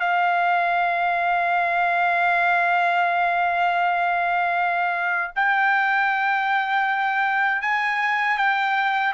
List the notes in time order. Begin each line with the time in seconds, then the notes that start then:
0.00 F5
5.36 G5
7.62 G#5
8.38 G5